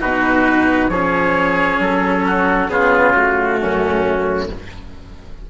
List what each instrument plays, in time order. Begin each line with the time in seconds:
0.00 bassoon B2, cello D#4, oboe F#4, trumpet B4
0.89 bassoon F3, cello C#4, oboe G#4, trumpet C#5
1.79 bassoon F#3, trumpet A4
2.26 oboe F#4
2.69 bassoon C#3, cello B3, oboe F4, trumpet G#4
3.14 cello A3, trumpet F#4
3.60 bassoon F#2, oboe C#4